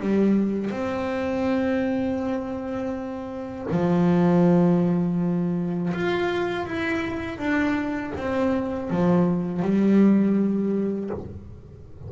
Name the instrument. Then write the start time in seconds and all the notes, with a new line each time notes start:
double bass
0.00 G3
0.70 C4
3.71 F3
5.93 F4
6.66 E4
7.38 D4
8.16 C4
8.90 F3
9.62 G3